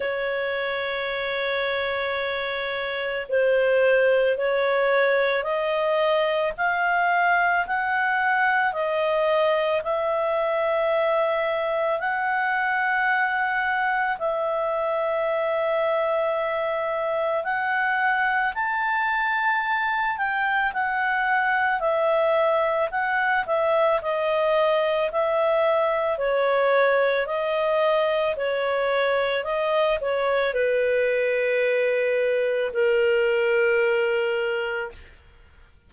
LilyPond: \new Staff \with { instrumentName = "clarinet" } { \time 4/4 \tempo 4 = 55 cis''2. c''4 | cis''4 dis''4 f''4 fis''4 | dis''4 e''2 fis''4~ | fis''4 e''2. |
fis''4 a''4. g''8 fis''4 | e''4 fis''8 e''8 dis''4 e''4 | cis''4 dis''4 cis''4 dis''8 cis''8 | b'2 ais'2 | }